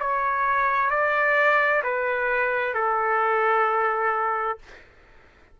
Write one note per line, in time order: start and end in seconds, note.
0.00 0.91 C#5
0.91 1.83 D5
1.84 2.74 B4
2.74 4.59 A4